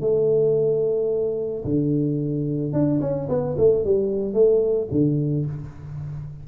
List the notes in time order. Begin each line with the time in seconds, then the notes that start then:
0.00 A3
1.64 D3
2.72 D4
3.00 C#4
3.29 B3
3.57 A3
3.84 G3
4.33 A3
4.91 D3